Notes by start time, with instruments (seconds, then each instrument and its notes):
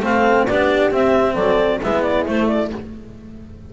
0.00 double bass A3, cello C4, horn A4, clarinet F5
0.47 double bass B3, cello D4, horn G4, clarinet D5
0.91 cello C4, double bass C4, clarinet E5
1.35 double bass F#3, horn A4, clarinet D5
1.83 double bass G#3, cello B3, horn E4, clarinet E5
2.03 clarinet D5
2.26 cello A3, double bass A3, clarinet C5
2.48 clarinet D5